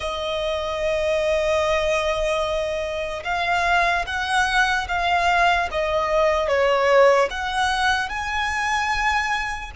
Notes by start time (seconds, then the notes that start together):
0.00 D#5
3.24 F5
4.06 F#5
4.88 F5
5.71 D#5
6.48 C#5
7.30 F#5
8.09 G#5